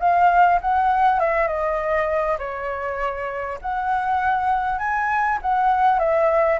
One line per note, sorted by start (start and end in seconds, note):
0.00 0.60 F5
0.62 1.20 F#5
1.20 1.48 E5
1.48 2.38 D#5
2.39 3.59 C#5
3.62 4.79 F#5
4.79 5.39 G#5
5.42 5.99 F#5
5.99 6.59 E5